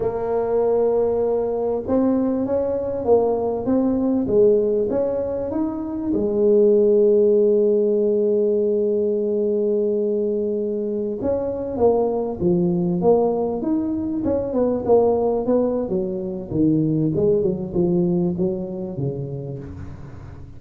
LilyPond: \new Staff \with { instrumentName = "tuba" } { \time 4/4 \tempo 4 = 98 ais2. c'4 | cis'4 ais4 c'4 gis4 | cis'4 dis'4 gis2~ | gis1~ |
gis2~ gis16 cis'4 ais8.~ | ais16 f4 ais4 dis'4 cis'8 b16~ | b16 ais4 b8. fis4 dis4 | gis8 fis8 f4 fis4 cis4 | }